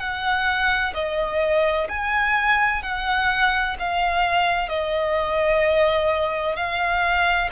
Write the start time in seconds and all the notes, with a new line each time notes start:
0.00 F#5
0.95 D#5
1.90 G#5
2.83 F#5
3.80 F5
4.69 D#5
6.56 F5